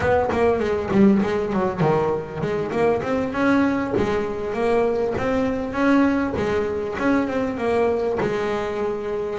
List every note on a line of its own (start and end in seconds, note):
0.00 0.29 B3
0.32 0.59 A#3
0.59 0.89 G#3
0.91 1.21 G3
1.22 1.52 G#3
1.52 1.80 F#3
1.80 2.41 D#3
2.41 2.71 G#3
2.71 3.01 A#3
3.02 3.33 C4
3.33 3.93 C#4
3.96 4.53 G#3
4.53 5.13 A#3
5.17 5.72 C4
5.72 6.33 C#4
6.36 6.96 G#3
6.99 7.27 C#4
7.27 7.57 C4
7.57 8.18 A#3
8.20 9.39 G#3